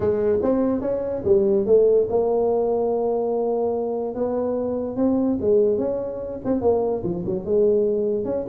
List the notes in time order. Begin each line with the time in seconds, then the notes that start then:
0.00 G#3
0.42 C4
0.81 C#4
1.24 G3
1.66 A3
2.09 A#3
4.14 B3
4.96 C4
5.40 G#3
5.78 C#4
6.45 C4
6.61 A#3
7.03 F3
7.25 F#3
7.45 G#3
8.25 C#4